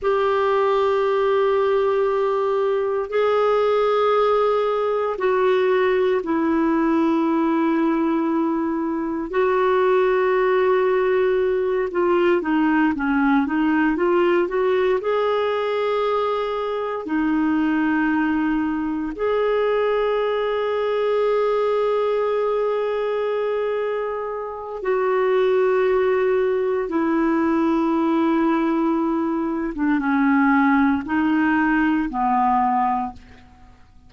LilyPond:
\new Staff \with { instrumentName = "clarinet" } { \time 4/4 \tempo 4 = 58 g'2. gis'4~ | gis'4 fis'4 e'2~ | e'4 fis'2~ fis'8 f'8 | dis'8 cis'8 dis'8 f'8 fis'8 gis'4.~ |
gis'8 dis'2 gis'4.~ | gis'1 | fis'2 e'2~ | e'8. d'16 cis'4 dis'4 b4 | }